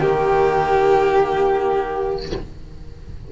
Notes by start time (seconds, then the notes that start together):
0.00 D#3 A#3 G4